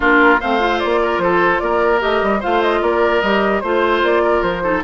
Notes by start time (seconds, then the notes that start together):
0.00 A#3 D4 F4 A#4
0.40 A3 C4 C5 F5
0.59 F4
0.79 A#3 D5
1.01 A#4
1.18 F3 A4 C5
1.59 A#3 A#4 D5
1.99 A3 G4 D#5
2.22 G3
2.40 A3 F4 C5 F5
2.62 D#5
2.81 A#3 A#4 D5
3.21 G3 G4 D#5
3.60 A3 F4 C5
4.02 A#3 D5
4.22 A#4
4.42 F3 C5
4.62 D#4 A4